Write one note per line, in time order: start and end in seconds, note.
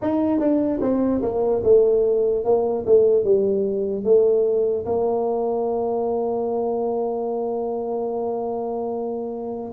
0.01 0.39 D#4
0.39 0.80 D4
0.81 1.21 C4
1.22 1.62 A#3
1.63 2.44 A3
2.44 2.85 A#3
2.86 3.24 A3
3.24 4.04 G3
4.04 4.85 A3
4.85 9.71 A#3